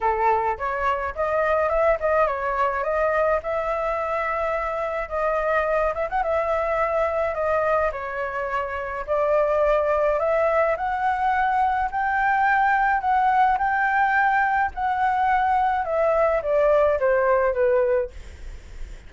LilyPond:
\new Staff \with { instrumentName = "flute" } { \time 4/4 \tempo 4 = 106 a'4 cis''4 dis''4 e''8 dis''8 | cis''4 dis''4 e''2~ | e''4 dis''4. e''16 fis''16 e''4~ | e''4 dis''4 cis''2 |
d''2 e''4 fis''4~ | fis''4 g''2 fis''4 | g''2 fis''2 | e''4 d''4 c''4 b'4 | }